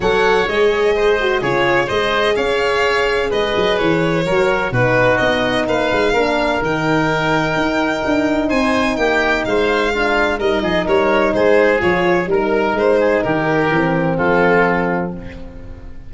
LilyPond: <<
  \new Staff \with { instrumentName = "violin" } { \time 4/4 \tempo 4 = 127 fis''4 dis''2 cis''4 | dis''4 f''2 dis''4 | cis''2 b'4 dis''4 | f''2 g''2~ |
g''2 gis''4 g''4 | f''2 dis''4 cis''4 | c''4 cis''4 ais'4 c''4 | ais'2 a'2 | }
  \new Staff \with { instrumentName = "oboe" } { \time 4/4 cis''2 c''4 gis'4 | c''4 cis''2 b'4~ | b'4 ais'4 fis'2 | b'4 ais'2.~ |
ais'2 c''4 g'4 | c''4 f'4 ais'8 gis'8 ais'4 | gis'2 ais'4. gis'8 | g'2 f'2 | }
  \new Staff \with { instrumentName = "horn" } { \time 4/4 a'4 gis'4. fis'8 f'4 | gis'1~ | gis'4 fis'4 dis'2~ | dis'4 d'4 dis'2~ |
dis'1~ | dis'4 d'4 dis'2~ | dis'4 f'4 dis'2~ | dis'4 c'2. | }
  \new Staff \with { instrumentName = "tuba" } { \time 4/4 fis4 gis2 cis4 | gis4 cis'2 gis8 fis8 | e4 fis4 b,4 b4 | ais8 gis8 ais4 dis2 |
dis'4 d'4 c'4 ais4 | gis2 g8 f8 g4 | gis4 f4 g4 gis4 | dis4 e4 f2 | }
>>